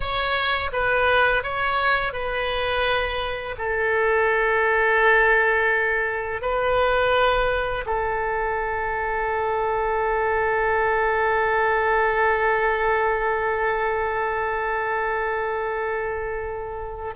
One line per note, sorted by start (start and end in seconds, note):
0.00 0.70 C#5
0.72 1.43 B4
1.43 2.12 C#5
2.12 3.55 B4
3.57 6.41 A4
6.41 7.84 B4
7.85 17.14 A4